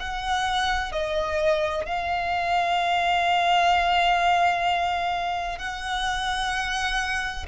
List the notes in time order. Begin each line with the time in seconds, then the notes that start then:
0.00 F#5
0.92 D#5
1.86 F5
5.59 F#5